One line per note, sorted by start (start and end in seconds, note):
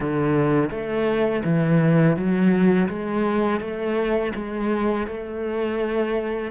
0.00 0.70 D3
0.70 1.43 A3
1.44 2.16 E3
2.16 2.88 F#3
2.88 3.60 G#3
3.60 4.32 A3
4.34 5.07 G#3
5.07 6.51 A3